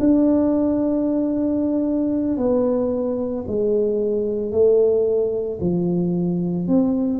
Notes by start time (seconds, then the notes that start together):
0.00 D4
2.38 B3
3.48 G#3
4.52 A3
5.61 F3
6.68 C4